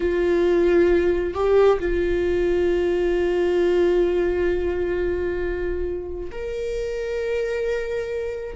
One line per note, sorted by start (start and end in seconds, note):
0.00 1.33 F4
1.33 1.79 G4
1.79 6.30 F4
6.31 8.55 A#4